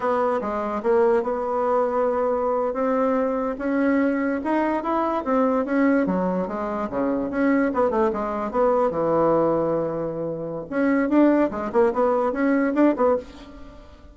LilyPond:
\new Staff \with { instrumentName = "bassoon" } { \time 4/4 \tempo 4 = 146 b4 gis4 ais4 b4~ | b2~ b8. c'4~ c'16~ | c'8. cis'2 dis'4 e'16~ | e'8. c'4 cis'4 fis4 gis16~ |
gis8. cis4 cis'4 b8 a8 gis16~ | gis8. b4 e2~ e16~ | e2 cis'4 d'4 | gis8 ais8 b4 cis'4 d'8 b8 | }